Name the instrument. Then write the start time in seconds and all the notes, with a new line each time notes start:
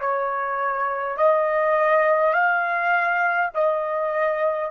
trumpet
0.00 C#5
1.17 D#5
2.33 F5
3.54 D#5